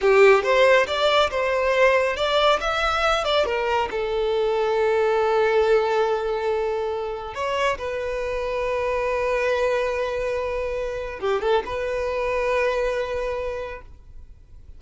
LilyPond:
\new Staff \with { instrumentName = "violin" } { \time 4/4 \tempo 4 = 139 g'4 c''4 d''4 c''4~ | c''4 d''4 e''4. d''8 | ais'4 a'2.~ | a'1~ |
a'4 cis''4 b'2~ | b'1~ | b'2 g'8 a'8 b'4~ | b'1 | }